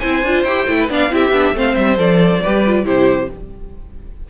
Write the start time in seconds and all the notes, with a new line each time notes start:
0.00 C4 E4 C5 G#5
0.23 D4 F4
0.44 E4 G4 G5
0.69 A3 E4
0.80 B4
0.89 B3 D4 D5 F5
1.11 C4 E4 G4 E5
1.31 B3 D4
1.54 A3 C4 C5 F5
1.76 G3 E5
1.97 F3 A4 D5
2.43 G3 G4 B4
2.67 F4
2.85 C3 E4 G4 C5